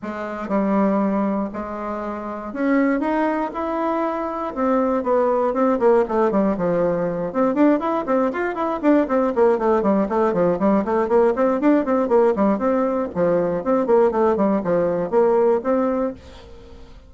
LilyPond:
\new Staff \with { instrumentName = "bassoon" } { \time 4/4 \tempo 4 = 119 gis4 g2 gis4~ | gis4 cis'4 dis'4 e'4~ | e'4 c'4 b4 c'8 ais8 | a8 g8 f4. c'8 d'8 e'8 |
c'8 f'8 e'8 d'8 c'8 ais8 a8 g8 | a8 f8 g8 a8 ais8 c'8 d'8 c'8 | ais8 g8 c'4 f4 c'8 ais8 | a8 g8 f4 ais4 c'4 | }